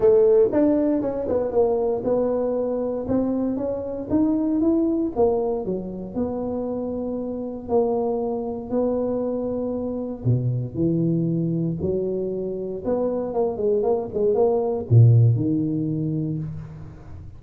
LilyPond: \new Staff \with { instrumentName = "tuba" } { \time 4/4 \tempo 4 = 117 a4 d'4 cis'8 b8 ais4 | b2 c'4 cis'4 | dis'4 e'4 ais4 fis4 | b2. ais4~ |
ais4 b2. | b,4 e2 fis4~ | fis4 b4 ais8 gis8 ais8 gis8 | ais4 ais,4 dis2 | }